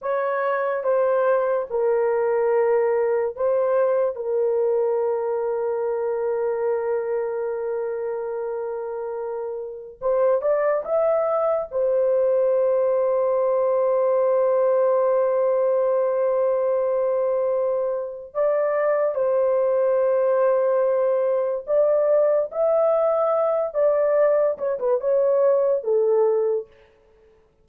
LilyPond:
\new Staff \with { instrumentName = "horn" } { \time 4/4 \tempo 4 = 72 cis''4 c''4 ais'2 | c''4 ais'2.~ | ais'1 | c''8 d''8 e''4 c''2~ |
c''1~ | c''2 d''4 c''4~ | c''2 d''4 e''4~ | e''8 d''4 cis''16 b'16 cis''4 a'4 | }